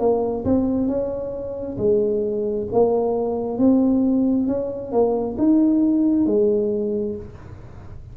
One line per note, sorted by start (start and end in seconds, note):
0.00 0.45 A#3
0.45 0.88 C4
0.88 1.77 C#4
1.78 2.67 G#3
2.72 3.58 A#3
3.58 4.47 C4
4.47 4.92 C#4
4.92 5.37 A#3
5.39 6.26 D#4
6.26 7.16 G#3